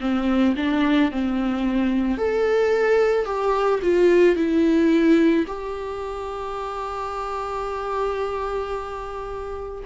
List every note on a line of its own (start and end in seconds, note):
0.00 0.55 C4
0.56 1.11 D4
1.11 2.17 C4
2.17 3.25 A4
3.25 3.79 G4
3.82 4.36 F4
4.36 5.45 E4
5.47 9.83 G4